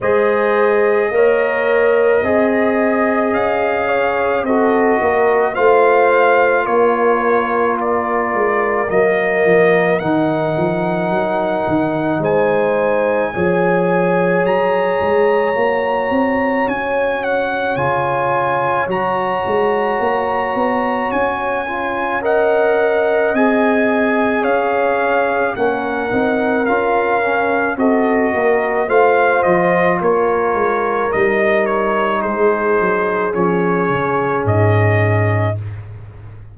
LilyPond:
<<
  \new Staff \with { instrumentName = "trumpet" } { \time 4/4 \tempo 4 = 54 dis''2. f''4 | dis''4 f''4 cis''4 d''4 | dis''4 fis''2 gis''4~ | gis''4 ais''2 gis''8 fis''8 |
gis''4 ais''2 gis''4 | fis''4 gis''4 f''4 fis''4 | f''4 dis''4 f''8 dis''8 cis''4 | dis''8 cis''8 c''4 cis''4 dis''4 | }
  \new Staff \with { instrumentName = "horn" } { \time 4/4 c''4 cis''4 dis''4. cis''8 | a'8 ais'8 c''4 ais'2~ | ais'2. c''4 | cis''1~ |
cis''1 | dis''2 cis''4 ais'4~ | ais'4 a'8 ais'8 c''4 ais'4~ | ais'4 gis'2. | }
  \new Staff \with { instrumentName = "trombone" } { \time 4/4 gis'4 ais'4 gis'2 | fis'4 f'2. | ais4 dis'2. | gis'2 fis'2 |
f'4 fis'2~ fis'8 f'8 | ais'4 gis'2 cis'8 dis'8 | f'8 cis'8 fis'4 f'2 | dis'2 cis'2 | }
  \new Staff \with { instrumentName = "tuba" } { \time 4/4 gis4 ais4 c'4 cis'4 | c'8 ais8 a4 ais4. gis8 | fis8 f8 dis8 f8 fis8 dis8 gis4 | f4 fis8 gis8 ais8 c'8 cis'4 |
cis4 fis8 gis8 ais8 b8 cis'4~ | cis'4 c'4 cis'4 ais8 c'8 | cis'4 c'8 ais8 a8 f8 ais8 gis8 | g4 gis8 fis8 f8 cis8 gis,4 | }
>>